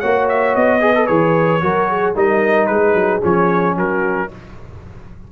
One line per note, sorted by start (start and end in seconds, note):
0.00 0.56 A#3
0.00 0.81 F#4
0.00 0.80 C#5
0.00 0.27 F#5
0.29 0.56 E5
0.56 1.09 B3
0.56 1.07 D#5
0.81 0.94 G#4
0.81 1.64 B4
0.96 1.08 A4
1.07 1.63 E3
1.07 1.61 G#4
1.07 2.14 C#5
1.62 2.16 F#3
1.62 2.16 F#4
1.62 1.90 A#4
1.90 2.16 G#4
2.16 2.69 G3
2.16 3.22 D#4
2.16 2.69 A#4
2.16 2.67 D#5
2.67 2.95 G#3
2.67 3.77 G#4
2.67 3.20 B4
2.95 3.21 F#3
3.22 3.77 F3
3.22 4.29 C#4
3.22 3.78 C#5
3.77 4.30 F#3
3.77 4.30 F#4
3.77 4.32 A#4